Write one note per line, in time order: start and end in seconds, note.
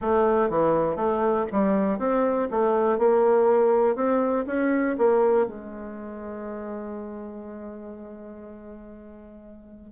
0.01 0.49 A3
0.49 0.96 E3
0.96 1.45 A3
1.51 1.98 G3
1.98 2.48 C4
2.50 2.98 A3
2.98 3.95 A#3
3.95 4.45 C4
4.47 4.96 C#4
4.97 5.47 A#3
5.47 9.92 G#3